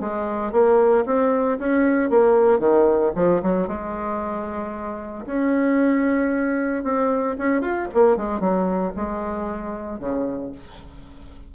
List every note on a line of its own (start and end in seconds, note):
0.00 0.52 G#3
0.52 1.05 A#3
1.06 1.58 C4
1.59 2.10 C#4
2.10 2.59 A#3
2.59 3.11 D#3
3.15 3.41 F3
3.42 3.67 F#3
3.67 5.25 G#3
5.26 6.83 C#4
6.83 7.36 C4
7.38 7.61 C#4
7.61 7.88 F4
7.94 8.17 A#3
8.17 8.40 G#3
8.40 8.92 F#3
8.96 9.99 G#3
9.99 10.51 C#3